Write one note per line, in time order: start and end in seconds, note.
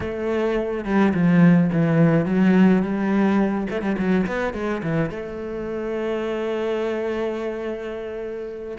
0.00 0.84 A3
0.84 1.13 G3
1.14 1.70 F3
1.72 2.25 E3
2.25 2.82 F#3
2.82 3.67 G3
3.69 3.81 A3
3.81 3.95 G3
3.98 4.26 F#3
4.26 4.53 B3
4.53 4.81 G#3
4.82 5.09 E3
5.09 8.77 A3